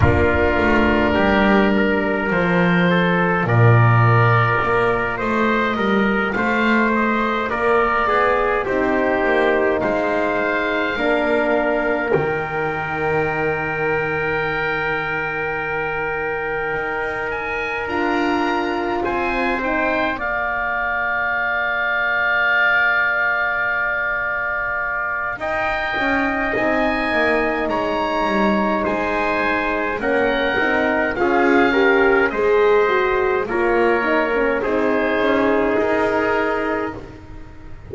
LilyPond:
<<
  \new Staff \with { instrumentName = "oboe" } { \time 4/4 \tempo 4 = 52 ais'2 c''4 d''4~ | d''8 dis''4 f''8 dis''8 d''4 c''8~ | c''8 f''2 g''4.~ | g''2. gis''8 ais''8~ |
ais''8 gis''8 g''8 f''2~ f''8~ | f''2 g''4 gis''4 | ais''4 gis''4 fis''4 f''4 | dis''4 cis''4 c''4 ais'4 | }
  \new Staff \with { instrumentName = "trumpet" } { \time 4/4 f'4 g'8 ais'4 a'8 ais'4~ | ais'8 c''8 ais'8 c''4 ais'8 gis'8 g'8~ | g'8 c''4 ais'2~ ais'8~ | ais'1~ |
ais'8 c''4 d''2~ d''8~ | d''2 dis''2 | cis''4 c''4 ais'4 gis'8 ais'8 | c''4 ais'4 gis'2 | }
  \new Staff \with { instrumentName = "horn" } { \time 4/4 d'2 f'2~ | f'2.~ f'8 dis'8~ | dis'4. d'4 dis'4.~ | dis'2.~ dis'8 f'8~ |
f'4 dis'8 ais'2~ ais'8~ | ais'2. dis'4~ | dis'2 cis'8 dis'8 f'8 g'8 | gis'8 fis'8 f'8 dis'16 cis'16 dis'2 | }
  \new Staff \with { instrumentName = "double bass" } { \time 4/4 ais8 a8 g4 f4 ais,4 | ais8 a8 g8 a4 ais8 b8 c'8 | ais8 gis4 ais4 dis4.~ | dis2~ dis8 dis'4 d'8~ |
d'8 c'4 ais2~ ais8~ | ais2 dis'8 cis'8 c'8 ais8 | gis8 g8 gis4 ais8 c'8 cis'4 | gis4 ais4 c'8 cis'8 dis'4 | }
>>